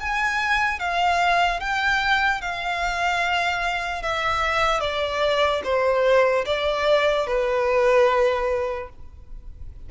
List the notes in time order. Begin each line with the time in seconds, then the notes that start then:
0.00 G#5
0.80 F5
1.60 G5
2.42 F5
4.03 E5
4.81 D5
5.64 C5
6.46 D5
7.27 B4